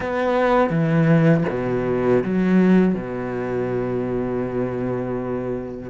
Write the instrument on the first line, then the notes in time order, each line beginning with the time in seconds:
cello
0.00 B3
0.70 E3
1.49 B2
2.24 F#3
2.94 B2